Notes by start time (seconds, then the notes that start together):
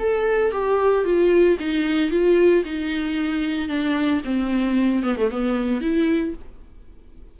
0.00 A4
0.52 G4
1.05 F4
1.60 D#4
2.11 F4
2.65 D#4
3.69 D4
4.25 C4
5.03 B3
5.17 A3
5.31 B3
5.81 E4